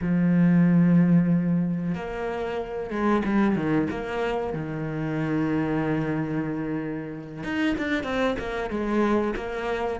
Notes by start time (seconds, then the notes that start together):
0.01 F3
1.94 A#3
2.90 G#3
3.24 G3
3.55 D#3
3.90 A#3
4.53 D#3
7.43 D#4
7.77 D4
8.03 C4
8.38 A#3
8.69 G#3
9.35 A#3